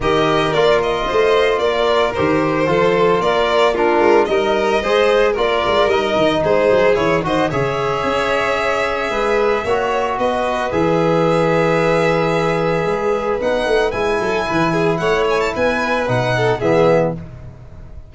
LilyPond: <<
  \new Staff \with { instrumentName = "violin" } { \time 4/4 \tempo 4 = 112 dis''4 d''8 dis''4. d''4 | c''2 d''4 ais'4 | dis''2 d''4 dis''4 | c''4 cis''8 dis''8 e''2~ |
e''2. dis''4 | e''1~ | e''4 fis''4 gis''2 | fis''8 gis''16 a''16 gis''4 fis''4 e''4 | }
  \new Staff \with { instrumentName = "violin" } { \time 4/4 ais'2 c''4 ais'4~ | ais'4 a'4 ais'4 f'4 | ais'4 c''4 ais'2 | gis'4. c''8 cis''2~ |
cis''4 b'4 cis''4 b'4~ | b'1~ | b'2~ b'8 a'8 b'8 gis'8 | cis''4 b'4. a'8 gis'4 | }
  \new Staff \with { instrumentName = "trombone" } { \time 4/4 g'4 f'2. | g'4 f'2 d'4 | dis'4 gis'4 f'4 dis'4~ | dis'4 e'8 fis'8 gis'2~ |
gis'2 fis'2 | gis'1~ | gis'4 dis'4 e'2~ | e'2 dis'4 b4 | }
  \new Staff \with { instrumentName = "tuba" } { \time 4/4 dis4 ais4 a4 ais4 | dis4 f4 ais4. gis8 | g4 gis4 ais8 gis8 g8 dis8 | gis8 fis8 e8 dis8 cis4 cis'4~ |
cis'4 gis4 ais4 b4 | e1 | gis4 b8 a8 gis8 fis8 e4 | a4 b4 b,4 e4 | }
>>